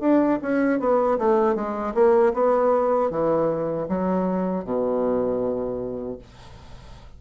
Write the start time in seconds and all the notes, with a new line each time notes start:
0.00 D4
0.42 C#4
0.79 B3
1.18 A3
1.55 G#3
1.94 A#3
2.33 B3
3.10 E3
3.88 F#3
4.64 B2